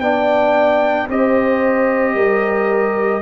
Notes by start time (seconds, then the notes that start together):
0.00 B3 D4 D5 G5
1.08 C4 G4 C5 D#5
2.14 G3 A#4